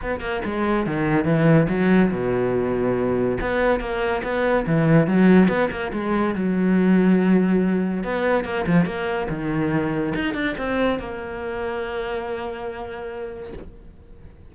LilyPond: \new Staff \with { instrumentName = "cello" } { \time 4/4 \tempo 4 = 142 b8 ais8 gis4 dis4 e4 | fis4 b,2. | b4 ais4 b4 e4 | fis4 b8 ais8 gis4 fis4~ |
fis2. b4 | ais8 f8 ais4 dis2 | dis'8 d'8 c'4 ais2~ | ais1 | }